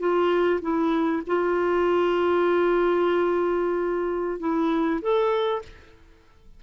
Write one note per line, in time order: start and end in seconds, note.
0.00 0.61 F4
0.62 1.23 E4
1.27 4.40 F4
4.40 5.01 E4
5.02 5.63 A4